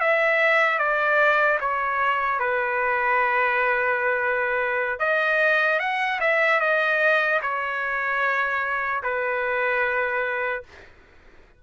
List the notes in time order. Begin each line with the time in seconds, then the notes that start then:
0.00 E5
0.79 D5
1.60 C#5
2.39 B4
4.99 D#5
5.79 F#5
6.20 E5
6.60 D#5
7.41 C#5
9.03 B4